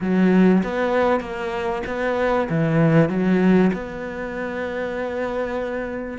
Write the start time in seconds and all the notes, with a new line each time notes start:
0.01 F#3
0.63 B3
1.20 A#3
1.86 B3
2.49 E3
3.09 F#3
3.73 B3